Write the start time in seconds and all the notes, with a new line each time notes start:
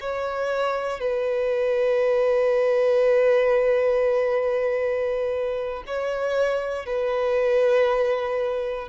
0.00 C#5
1.00 B4
5.86 C#5
6.86 B4